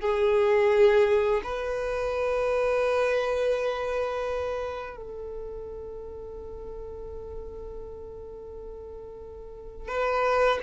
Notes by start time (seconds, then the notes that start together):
0.00 G#4
1.43 B4
4.96 A4
9.88 B4